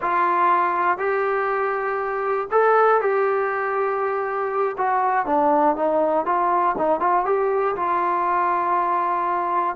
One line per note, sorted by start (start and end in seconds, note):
0.01 0.97 F4
0.97 2.48 G4
2.51 3.01 A4
3.01 4.76 G4
4.77 5.25 F#4
5.25 5.75 D4
5.75 6.25 D#4
6.25 6.75 F4
6.77 7.00 D#4
7.00 7.25 F4
7.25 7.75 G4
7.75 9.75 F4